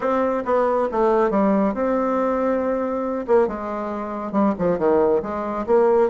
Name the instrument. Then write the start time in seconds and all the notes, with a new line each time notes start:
bassoon
0.00 C4
0.45 B3
0.91 A3
1.30 G3
1.74 C4
3.27 A#3
3.47 G#3
4.31 G3
4.58 F3
4.78 D#3
5.22 G#3
5.66 A#3